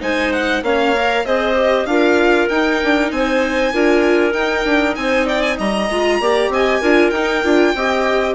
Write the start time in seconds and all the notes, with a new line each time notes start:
0.00 G#3 D#4 C5 G#5
0.32 F#5
0.62 A#3 C#4 C#5 F5
0.95 A#4
1.25 C4 G#4 C5 D#5
1.55 G4
1.85 D4 F4 A#4 F5
2.49 D#4 G5
2.83 D4
3.11 C4 C5 G#5
3.73 D4 F4 A#4
4.31 D#4 G5
4.65 D4
4.95 C4 C5 G#5
5.25 D5 G5
5.42 G#5
5.57 G3 D#5 A#5
5.90 G#3 F4
6.20 A#3 G4 D5
6.49 C4 D#5 G#5
6.80 D4 F4 A#4
7.10 D#4 G5
7.16 D#4
7.44 D4 F4
7.75 C4 G4 D#5